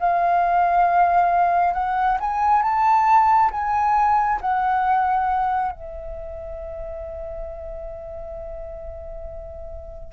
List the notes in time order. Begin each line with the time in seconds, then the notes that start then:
0.00 F5
1.74 F#5
2.20 G#5
2.62 A5
3.52 G#5
4.41 F#5
5.72 E5